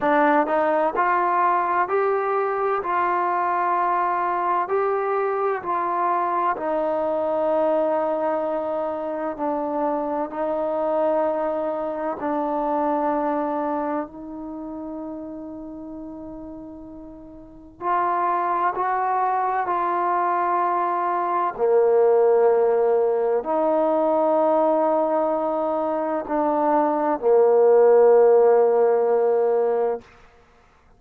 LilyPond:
\new Staff \with { instrumentName = "trombone" } { \time 4/4 \tempo 4 = 64 d'8 dis'8 f'4 g'4 f'4~ | f'4 g'4 f'4 dis'4~ | dis'2 d'4 dis'4~ | dis'4 d'2 dis'4~ |
dis'2. f'4 | fis'4 f'2 ais4~ | ais4 dis'2. | d'4 ais2. | }